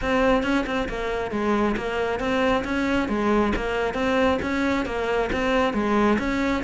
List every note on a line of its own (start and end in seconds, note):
0.01 0.43 C4
0.43 0.65 C#4
0.66 0.88 C4
0.88 1.31 A#3
1.31 1.75 G#3
1.76 2.19 A#3
2.19 2.63 C4
2.64 3.08 C#4
3.08 3.52 G#3
3.56 3.94 A#3
3.94 4.38 C4
4.42 4.85 C#4
4.85 5.29 A#3
5.32 5.73 C4
5.73 6.17 G#3
6.19 6.63 C#4